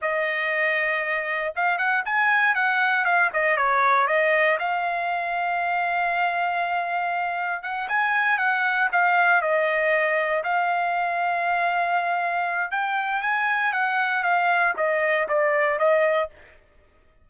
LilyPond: \new Staff \with { instrumentName = "trumpet" } { \time 4/4 \tempo 4 = 118 dis''2. f''8 fis''8 | gis''4 fis''4 f''8 dis''8 cis''4 | dis''4 f''2.~ | f''2. fis''8 gis''8~ |
gis''8 fis''4 f''4 dis''4.~ | dis''8 f''2.~ f''8~ | f''4 g''4 gis''4 fis''4 | f''4 dis''4 d''4 dis''4 | }